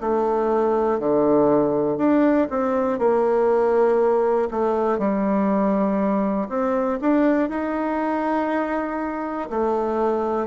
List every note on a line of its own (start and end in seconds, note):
0.00 0.99 A3
0.99 1.98 D3
1.98 2.48 D4
2.50 2.98 C4
2.98 4.48 A#3
4.51 4.98 A3
4.98 6.48 G3
6.49 6.99 C4
7.01 7.49 D4
7.49 9.49 D#4
9.50 10.46 A3